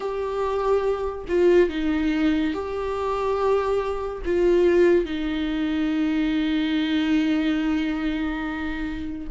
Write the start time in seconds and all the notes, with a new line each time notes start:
0.00 G4
1.28 F4
1.69 D#4
2.53 G4
4.25 F4
5.05 D#4